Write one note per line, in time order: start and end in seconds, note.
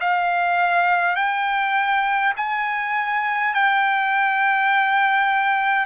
0.00 1.16 F5
1.16 2.34 G5
2.37 3.54 G#5
3.54 5.86 G5